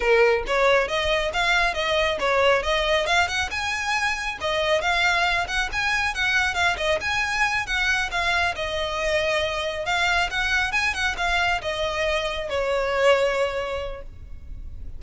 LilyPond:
\new Staff \with { instrumentName = "violin" } { \time 4/4 \tempo 4 = 137 ais'4 cis''4 dis''4 f''4 | dis''4 cis''4 dis''4 f''8 fis''8 | gis''2 dis''4 f''4~ | f''8 fis''8 gis''4 fis''4 f''8 dis''8 |
gis''4. fis''4 f''4 dis''8~ | dis''2~ dis''8 f''4 fis''8~ | fis''8 gis''8 fis''8 f''4 dis''4.~ | dis''8 cis''2.~ cis''8 | }